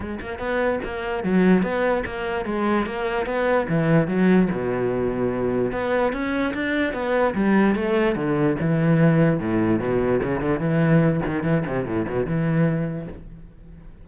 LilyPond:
\new Staff \with { instrumentName = "cello" } { \time 4/4 \tempo 4 = 147 gis8 ais8 b4 ais4 fis4 | b4 ais4 gis4 ais4 | b4 e4 fis4 b,4~ | b,2 b4 cis'4 |
d'4 b4 g4 a4 | d4 e2 a,4 | b,4 cis8 d8 e4. dis8 | e8 c8 a,8 b,8 e2 | }